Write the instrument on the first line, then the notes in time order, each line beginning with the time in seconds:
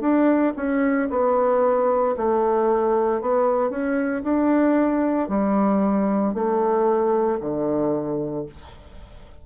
bassoon
0.00 D4
0.56 C#4
1.10 B3
2.17 A3
3.21 B3
3.69 C#4
4.23 D4
5.28 G3
6.34 A3
7.40 D3